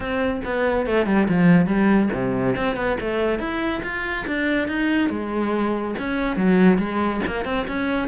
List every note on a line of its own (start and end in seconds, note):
0.00 0.41 C4
0.44 0.86 B3
0.86 1.06 A3
1.06 1.27 G3
1.28 1.66 F3
1.66 2.09 G3
2.13 2.56 C3
2.56 2.75 C4
2.75 2.97 B3
3.00 3.39 A3
3.39 3.81 E4
3.83 4.25 F4
4.26 4.68 D4
4.68 5.09 D#4
5.09 5.95 G#3
5.99 6.36 C#4
6.36 6.78 F#3
6.78 7.20 G#3
7.26 7.45 A#3
7.45 7.66 C4
7.67 8.08 C#4